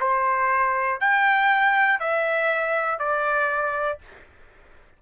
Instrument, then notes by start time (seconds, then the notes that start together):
trumpet
0.00 C5
1.00 G5
2.00 E5
3.00 D5